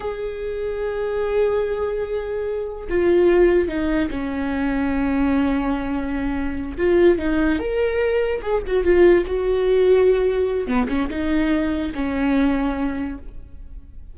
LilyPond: \new Staff \with { instrumentName = "viola" } { \time 4/4 \tempo 4 = 146 gis'1~ | gis'2. f'4~ | f'4 dis'4 cis'2~ | cis'1~ |
cis'8 f'4 dis'4 ais'4.~ | ais'8 gis'8 fis'8 f'4 fis'4.~ | fis'2 b8 cis'8 dis'4~ | dis'4 cis'2. | }